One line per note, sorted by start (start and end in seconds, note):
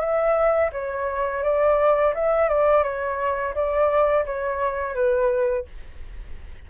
0.00 0.71 E5
0.73 1.43 C#5
1.43 2.14 D5
2.15 2.49 E5
2.49 2.84 D5
2.84 3.55 C#5
3.55 4.25 D5
4.26 4.95 C#5
4.95 5.66 B4